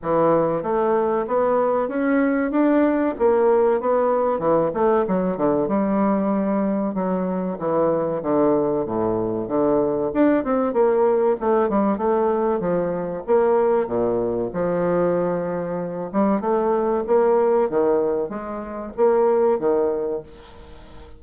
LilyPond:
\new Staff \with { instrumentName = "bassoon" } { \time 4/4 \tempo 4 = 95 e4 a4 b4 cis'4 | d'4 ais4 b4 e8 a8 | fis8 d8 g2 fis4 | e4 d4 a,4 d4 |
d'8 c'8 ais4 a8 g8 a4 | f4 ais4 ais,4 f4~ | f4. g8 a4 ais4 | dis4 gis4 ais4 dis4 | }